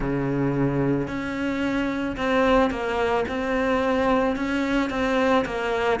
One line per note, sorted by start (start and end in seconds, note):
0.00 1.07 C#3
1.07 2.16 C#4
2.17 2.70 C4
2.70 3.24 A#3
3.28 4.36 C4
4.36 4.90 C#4
4.90 5.44 C4
5.45 6.00 A#3